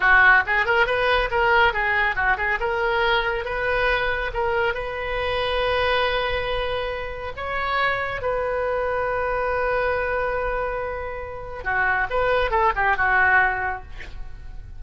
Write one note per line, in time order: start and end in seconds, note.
0.00 0.43 F#4
0.46 0.65 G#4
0.65 0.86 A#4
0.86 1.29 B4
1.30 1.73 A#4
1.73 2.15 G#4
2.15 2.37 F#4
2.37 2.59 G#4
2.59 3.44 A#4
3.44 4.31 B4
4.33 4.74 A#4
4.74 7.33 B4
7.36 8.21 C#5
8.21 11.63 B4
11.63 12.07 F#4
12.10 12.50 B4
12.50 12.72 A4
12.75 12.96 G4
12.96 13.82 F#4